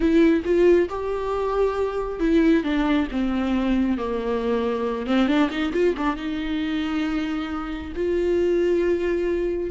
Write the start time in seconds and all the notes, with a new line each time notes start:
0.00 E4
0.44 F4
0.89 G4
2.19 E4
2.63 D4
3.11 C4
3.97 A#3
5.06 C4
5.27 D4
5.50 D#4
5.72 F4
5.97 D4
6.16 D#4
7.95 F4